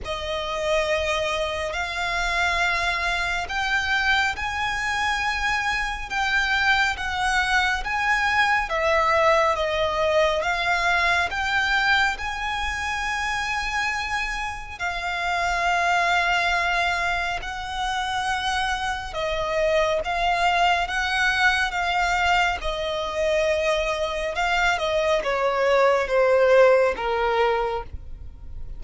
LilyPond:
\new Staff \with { instrumentName = "violin" } { \time 4/4 \tempo 4 = 69 dis''2 f''2 | g''4 gis''2 g''4 | fis''4 gis''4 e''4 dis''4 | f''4 g''4 gis''2~ |
gis''4 f''2. | fis''2 dis''4 f''4 | fis''4 f''4 dis''2 | f''8 dis''8 cis''4 c''4 ais'4 | }